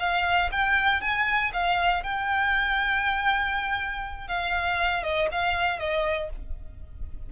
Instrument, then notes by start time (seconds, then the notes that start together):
violin
0.00 F5
0.52 G5
1.02 G#5
1.54 F5
2.04 G5
4.28 F5
5.04 D#5
5.32 F5
5.80 D#5